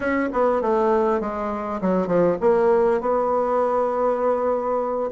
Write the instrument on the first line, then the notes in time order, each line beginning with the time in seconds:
bassoon
0.00 C#4
0.32 B3
0.61 A3
1.20 G#3
1.81 F#3
2.07 F3
2.40 A#3
3.00 B3